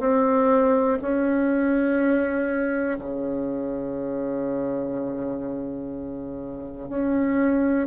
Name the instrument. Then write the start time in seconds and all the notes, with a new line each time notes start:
bassoon
0.00 C4
1.02 C#4
2.99 C#3
6.89 C#4